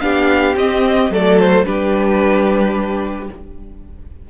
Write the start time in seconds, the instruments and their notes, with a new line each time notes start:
0.00 cello B3, viola D4, violin G4 F5
0.56 cello C4, viola C4, violin D#5
1.10 cello F#3, viola A3, violin A4 D5
1.39 violin C5
1.65 cello G3, viola D4, violin G4 B4